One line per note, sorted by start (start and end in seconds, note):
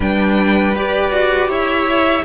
0.00 0.75 G3
0.00 0.75 D4
0.00 1.49 B4
0.00 0.76 G5
0.75 1.11 G4
0.75 2.25 G4
0.75 1.51 D5
1.11 1.48 F#4
1.48 2.23 E4
1.48 2.24 C#5
1.48 2.25 E5